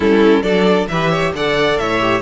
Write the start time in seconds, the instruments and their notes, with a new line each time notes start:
0.00 cello G3, viola C#4, violin E4 A4
0.42 cello F#3, viola D4, violin A4 D5
0.87 cello E3, viola G4, violin B4 E5
1.10 violin C#5
1.32 cello D3, viola A4, violin D5 F#5
1.77 cello A2, violin C#5 E5
2.00 viola G4